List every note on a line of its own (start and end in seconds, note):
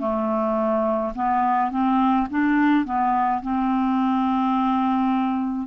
0.00 1.13 A3
1.15 1.71 B3
1.71 2.28 C4
2.31 2.86 D4
2.86 3.42 B3
3.43 5.68 C4